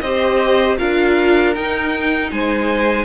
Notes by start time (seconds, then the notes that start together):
0.00 C4 G4 C5 D#5
0.78 D4 F4 A#4 F5
1.54 D#4 G5
2.31 G#3 C5 G#5